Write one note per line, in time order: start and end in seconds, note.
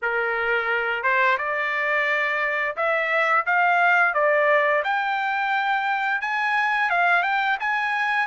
0.02 1.03 A#4
1.03 1.37 C5
1.38 2.76 D5
2.76 3.45 E5
3.45 4.14 F5
4.14 4.83 D5
4.84 6.21 G5
6.21 6.90 G#5
6.90 7.23 F5
7.23 7.57 G5
7.60 8.27 G#5